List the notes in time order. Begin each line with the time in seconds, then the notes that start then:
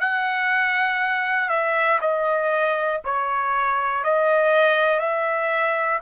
0.00 F#5
1.49 E5
2.01 D#5
3.05 C#5
4.04 D#5
5.00 E5